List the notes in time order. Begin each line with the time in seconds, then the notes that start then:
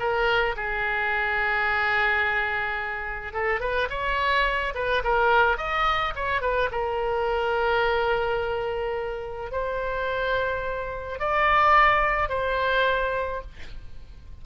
0.00 A#4
0.57 G#4
3.34 A4
3.61 B4
3.90 C#5
4.75 B4
5.04 A#4
5.58 D#5
6.16 C#5
6.42 B4
6.72 A#4
9.52 C5
11.20 D5
12.30 C5